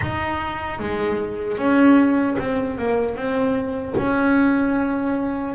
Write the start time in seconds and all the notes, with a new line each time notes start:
0.01 D#4
0.79 G#3
1.57 C#4
2.38 C4
2.78 A#3
3.16 C4
3.97 C#4